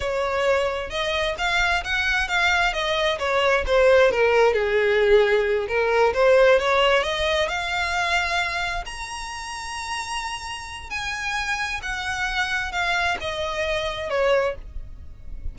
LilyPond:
\new Staff \with { instrumentName = "violin" } { \time 4/4 \tempo 4 = 132 cis''2 dis''4 f''4 | fis''4 f''4 dis''4 cis''4 | c''4 ais'4 gis'2~ | gis'8 ais'4 c''4 cis''4 dis''8~ |
dis''8 f''2. ais''8~ | ais''1 | gis''2 fis''2 | f''4 dis''2 cis''4 | }